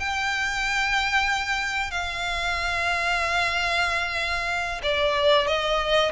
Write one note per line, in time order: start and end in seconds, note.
0.00 1.91 G5
1.91 4.82 F5
4.83 5.48 D5
5.48 6.12 D#5